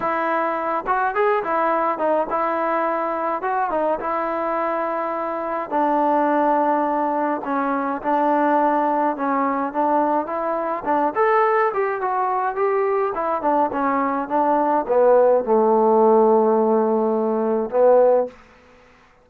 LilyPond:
\new Staff \with { instrumentName = "trombone" } { \time 4/4 \tempo 4 = 105 e'4. fis'8 gis'8 e'4 dis'8 | e'2 fis'8 dis'8 e'4~ | e'2 d'2~ | d'4 cis'4 d'2 |
cis'4 d'4 e'4 d'8 a'8~ | a'8 g'8 fis'4 g'4 e'8 d'8 | cis'4 d'4 b4 a4~ | a2. b4 | }